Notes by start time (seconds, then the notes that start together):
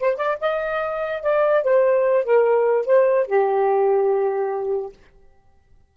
0.00 C5
0.17 D5
0.41 D#5
1.22 D5
1.64 C5
2.25 A#4
2.86 C5
3.27 G4